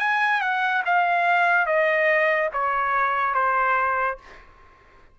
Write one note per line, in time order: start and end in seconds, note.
0.00 0.41 G#5
0.41 0.83 F#5
0.86 1.67 F5
1.67 2.50 D#5
2.54 3.35 C#5
3.35 4.18 C5